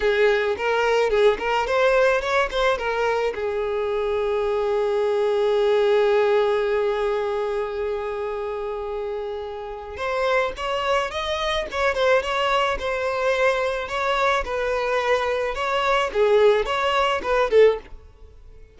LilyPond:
\new Staff \with { instrumentName = "violin" } { \time 4/4 \tempo 4 = 108 gis'4 ais'4 gis'8 ais'8 c''4 | cis''8 c''8 ais'4 gis'2~ | gis'1~ | gis'1~ |
gis'2 c''4 cis''4 | dis''4 cis''8 c''8 cis''4 c''4~ | c''4 cis''4 b'2 | cis''4 gis'4 cis''4 b'8 a'8 | }